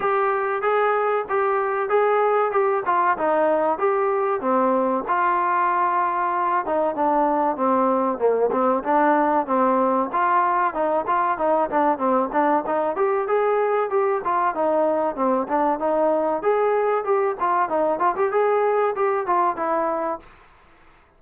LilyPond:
\new Staff \with { instrumentName = "trombone" } { \time 4/4 \tempo 4 = 95 g'4 gis'4 g'4 gis'4 | g'8 f'8 dis'4 g'4 c'4 | f'2~ f'8 dis'8 d'4 | c'4 ais8 c'8 d'4 c'4 |
f'4 dis'8 f'8 dis'8 d'8 c'8 d'8 | dis'8 g'8 gis'4 g'8 f'8 dis'4 | c'8 d'8 dis'4 gis'4 g'8 f'8 | dis'8 f'16 g'16 gis'4 g'8 f'8 e'4 | }